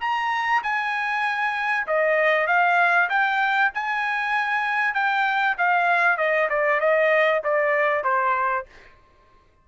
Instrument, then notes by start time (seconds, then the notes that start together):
trumpet
0.00 A#5
0.63 G#5
1.87 D#5
2.47 F5
3.09 G5
3.74 G#5
4.94 G5
5.58 F5
6.17 D#5
6.49 D5
6.80 D#5
7.44 D5
8.04 C5